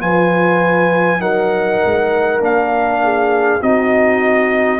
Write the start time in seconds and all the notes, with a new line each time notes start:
0.00 F3 F4 B4 G#5
1.20 F#3 D#4 A#4 F#5
1.85 G#3
2.40 A#3 D4 F5
3.04 G#4
3.60 C4 D#4 F#4 D#5